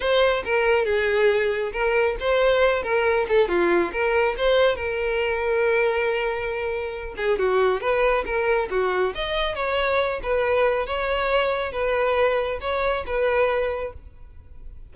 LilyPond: \new Staff \with { instrumentName = "violin" } { \time 4/4 \tempo 4 = 138 c''4 ais'4 gis'2 | ais'4 c''4. ais'4 a'8 | f'4 ais'4 c''4 ais'4~ | ais'1~ |
ais'8 gis'8 fis'4 b'4 ais'4 | fis'4 dis''4 cis''4. b'8~ | b'4 cis''2 b'4~ | b'4 cis''4 b'2 | }